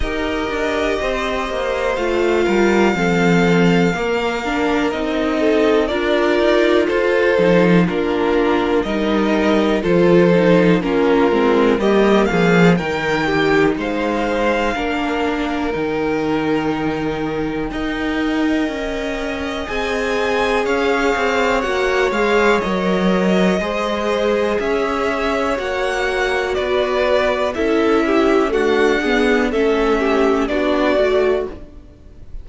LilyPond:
<<
  \new Staff \with { instrumentName = "violin" } { \time 4/4 \tempo 4 = 61 dis''2 f''2~ | f''4 dis''4 d''4 c''4 | ais'4 dis''4 c''4 ais'4 | dis''8 f''8 g''4 f''2 |
g''1 | gis''4 f''4 fis''8 f''8 dis''4~ | dis''4 e''4 fis''4 d''4 | e''4 fis''4 e''4 d''4 | }
  \new Staff \with { instrumentName = "violin" } { \time 4/4 ais'4 c''4. ais'8 a'4 | ais'4. a'8 ais'4 a'4 | f'4 ais'4 a'4 f'4 | g'8 gis'8 ais'8 g'8 c''4 ais'4~ |
ais'2 dis''2~ | dis''4 cis''2. | c''4 cis''2 b'4 | a'8 g'8 fis'8 gis'8 a'8 g'8 fis'4 | }
  \new Staff \with { instrumentName = "viola" } { \time 4/4 g'2 f'4 c'4 | ais8 d'8 dis'4 f'4. dis'8 | d'4 dis'4 f'8 dis'8 cis'8 c'8 | ais4 dis'2 d'4 |
dis'2 ais'2 | gis'2 fis'8 gis'8 ais'4 | gis'2 fis'2 | e'4 a8 b8 cis'4 d'8 fis'8 | }
  \new Staff \with { instrumentName = "cello" } { \time 4/4 dis'8 d'8 c'8 ais8 a8 g8 f4 | ais4 c'4 d'8 dis'8 f'8 f8 | ais4 g4 f4 ais8 gis8 | g8 f8 dis4 gis4 ais4 |
dis2 dis'4 cis'4 | c'4 cis'8 c'8 ais8 gis8 fis4 | gis4 cis'4 ais4 b4 | cis'4 d'4 a4 b8 a8 | }
>>